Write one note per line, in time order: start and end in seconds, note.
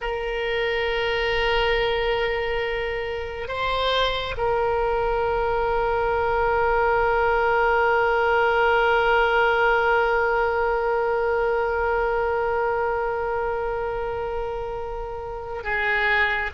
0.01 3.47 A#4
3.47 4.34 C5
4.37 15.63 A#4
15.63 16.50 G#4